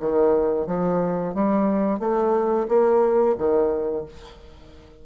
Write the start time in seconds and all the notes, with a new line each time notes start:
0.00 D#3
0.67 F3
1.35 G3
2.00 A3
2.68 A#3
3.38 D#3